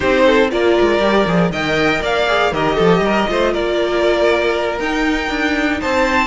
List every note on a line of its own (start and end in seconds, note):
0.00 0.52 C4
0.00 0.49 D#4
0.00 0.24 G4
0.00 0.50 C5
0.26 0.51 A4
0.50 0.77 A#3
0.50 1.00 F4
0.50 1.51 A#4
0.50 1.51 D5
0.80 0.99 G#3
0.99 1.25 G3
0.99 1.25 G4
1.26 1.50 F3
1.26 1.52 G#4
1.50 2.00 D#3
1.50 2.27 A#4
1.50 2.01 D#5
1.50 2.02 G5
2.01 2.52 A#3
2.01 2.52 D5
2.01 2.53 F5
2.27 2.53 G#4
2.52 2.77 D#3
2.52 3.27 G4
2.52 2.75 A#4
2.52 3.53 D#5
2.75 2.99 F3
2.75 3.00 A4
2.99 3.24 G3
2.99 3.29 A#4
3.27 3.55 A3
3.27 4.79 F4
3.27 3.53 C5
3.53 4.79 A#3
3.53 5.79 A#4
3.53 4.79 D5
4.79 5.29 D#4
4.79 6.26 D#4
4.79 5.80 G5
5.29 5.80 D4
5.80 6.26 C4
5.80 6.26 C5
5.80 6.26 A5